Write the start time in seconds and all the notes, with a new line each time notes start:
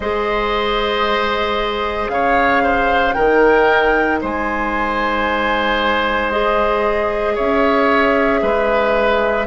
0.00 G#3 G#4 C5 D#5
2.09 C#3 C#5 F5
2.63 C5
3.13 D#3 D#4 A#4 G5
4.21 G#3 C5 G#5
6.30 G#4 D#5
7.34 C#4 C#5 E5
8.41 G#3 B4